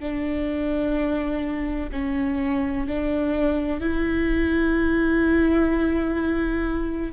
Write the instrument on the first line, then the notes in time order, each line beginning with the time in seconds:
viola
0.00 D4
1.93 C#4
2.88 D4
3.81 E4